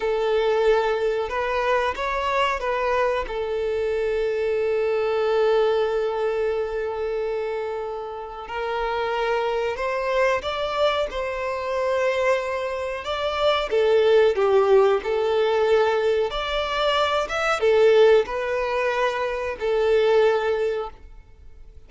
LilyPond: \new Staff \with { instrumentName = "violin" } { \time 4/4 \tempo 4 = 92 a'2 b'4 cis''4 | b'4 a'2.~ | a'1~ | a'4 ais'2 c''4 |
d''4 c''2. | d''4 a'4 g'4 a'4~ | a'4 d''4. e''8 a'4 | b'2 a'2 | }